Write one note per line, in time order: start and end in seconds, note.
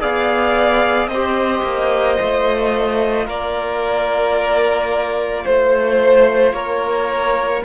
0.00 1.07 B3
0.00 1.09 G#4
0.00 1.10 D5
0.00 1.08 F5
1.07 1.62 C4
1.07 3.25 C5
1.07 3.26 D#5
1.14 2.17 G4
1.62 2.17 A#3
2.17 3.27 A3
2.17 7.62 F4
3.25 5.45 A#3
3.25 5.44 A#4
3.25 5.46 D5
5.44 6.52 A3
5.44 6.53 C5
6.52 7.62 A#3
6.52 7.63 A#4
6.52 7.62 C#5